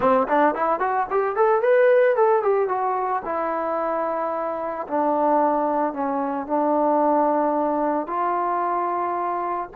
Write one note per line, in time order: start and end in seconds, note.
0.00 0.27 C4
0.28 0.55 D4
0.55 0.79 E4
0.79 1.06 F#4
1.10 1.36 G4
1.36 1.62 A4
1.62 2.15 B4
2.15 2.42 A4
2.42 2.68 G4
2.68 3.22 F#4
3.24 4.86 E4
4.87 5.93 D4
5.93 6.46 C#4
6.46 8.07 D4
8.07 9.69 F4